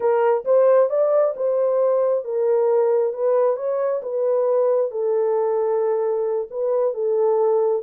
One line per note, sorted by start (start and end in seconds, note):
0.00 0.44 A#4
0.44 0.89 C5
0.89 1.34 D5
1.36 2.24 C5
2.24 3.13 A#4
3.13 3.56 B4
3.56 4.01 C#5
4.02 4.91 B4
4.91 6.47 A4
6.50 6.93 B4
6.93 7.82 A4